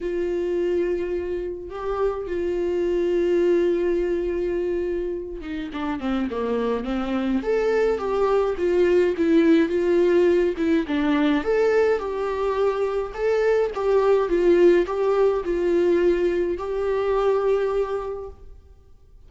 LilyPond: \new Staff \with { instrumentName = "viola" } { \time 4/4 \tempo 4 = 105 f'2. g'4 | f'1~ | f'4. dis'8 d'8 c'8 ais4 | c'4 a'4 g'4 f'4 |
e'4 f'4. e'8 d'4 | a'4 g'2 a'4 | g'4 f'4 g'4 f'4~ | f'4 g'2. | }